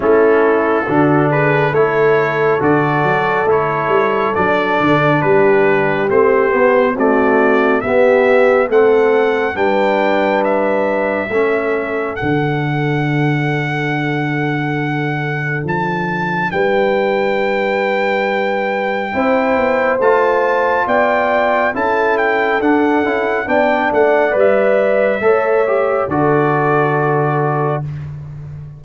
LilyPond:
<<
  \new Staff \with { instrumentName = "trumpet" } { \time 4/4 \tempo 4 = 69 a'4. b'8 cis''4 d''4 | cis''4 d''4 b'4 c''4 | d''4 e''4 fis''4 g''4 | e''2 fis''2~ |
fis''2 a''4 g''4~ | g''2. a''4 | g''4 a''8 g''8 fis''4 g''8 fis''8 | e''2 d''2 | }
  \new Staff \with { instrumentName = "horn" } { \time 4/4 e'4 fis'8 gis'8 a'2~ | a'2 g'2 | fis'4 g'4 a'4 b'4~ | b'4 a'2.~ |
a'2. b'4~ | b'2 c''2 | d''4 a'2 d''4~ | d''4 cis''4 a'2 | }
  \new Staff \with { instrumentName = "trombone" } { \time 4/4 cis'4 d'4 e'4 fis'4 | e'4 d'2 c'8 b8 | a4 b4 c'4 d'4~ | d'4 cis'4 d'2~ |
d'1~ | d'2 e'4 f'4~ | f'4 e'4 d'8 e'8 d'4 | b'4 a'8 g'8 fis'2 | }
  \new Staff \with { instrumentName = "tuba" } { \time 4/4 a4 d4 a4 d8 fis8 | a8 g8 fis8 d8 g4 a8 b8 | c'4 b4 a4 g4~ | g4 a4 d2~ |
d2 f4 g4~ | g2 c'8 b8 a4 | b4 cis'4 d'8 cis'8 b8 a8 | g4 a4 d2 | }
>>